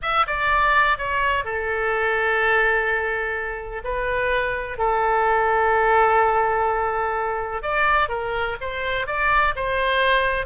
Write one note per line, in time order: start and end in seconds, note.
0.02 0.26 E5
0.26 0.98 D5
0.98 1.44 C#5
1.44 3.82 A4
3.84 4.77 B4
4.77 7.62 A4
7.62 8.08 D5
8.08 8.56 A#4
8.60 9.06 C5
9.06 9.54 D5
9.55 10.46 C5